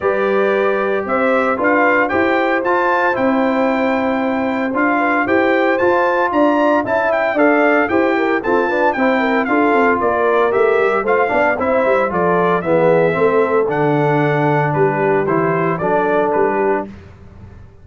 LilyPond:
<<
  \new Staff \with { instrumentName = "trumpet" } { \time 4/4 \tempo 4 = 114 d''2 e''4 f''4 | g''4 a''4 g''2~ | g''4 f''4 g''4 a''4 | ais''4 a''8 g''8 f''4 g''4 |
a''4 g''4 f''4 d''4 | e''4 f''4 e''4 d''4 | e''2 fis''2 | b'4 c''4 d''4 b'4 | }
  \new Staff \with { instrumentName = "horn" } { \time 4/4 b'2 c''4 b'4 | c''1~ | c''4. b'8 c''2 | d''4 e''4 d''4 c''8 ais'8 |
a'8 b'8 c''8 ais'8 a'4 ais'4~ | ais'4 c''8 d''8 c''4 a'4 | gis'4 a'2. | g'2 a'4. g'8 | }
  \new Staff \with { instrumentName = "trombone" } { \time 4/4 g'2. f'4 | g'4 f'4 e'2~ | e'4 f'4 g'4 f'4~ | f'4 e'4 a'4 g'4 |
c'8 d'8 e'4 f'2 | g'4 f'8 d'8 e'4 f'4 | b4 c'4 d'2~ | d'4 e'4 d'2 | }
  \new Staff \with { instrumentName = "tuba" } { \time 4/4 g2 c'4 d'4 | e'4 f'4 c'2~ | c'4 d'4 e'4 f'4 | d'4 cis'4 d'4 e'4 |
f'4 c'4 d'8 c'8 ais4 | a8 g8 a8 b8 c'8 g8 f4 | e4 a4 d2 | g4 e4 fis4 g4 | }
>>